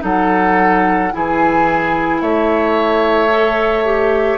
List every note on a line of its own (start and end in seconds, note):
0.00 1.12 F#3
0.00 1.09 D#4
0.00 1.13 A4
0.00 1.12 F#5
1.12 2.21 E3
1.12 3.29 E4
1.12 2.21 G#4
1.12 2.21 G#5
2.21 4.38 A3
2.21 4.38 C#5
2.21 4.38 E5
3.29 3.83 A4
3.85 4.38 G4